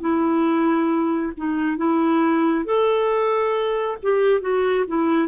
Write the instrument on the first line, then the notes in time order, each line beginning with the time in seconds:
clarinet
0.00 E4
1.37 D#4
1.76 E4
2.64 A4
4.02 G4
4.40 F#4
4.87 E4